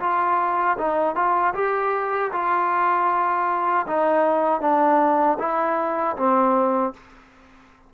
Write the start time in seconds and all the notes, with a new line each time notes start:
0.00 F4
0.78 D#4
1.16 F4
1.55 G4
2.32 F4
3.87 D#4
4.61 D4
5.39 E4
6.17 C4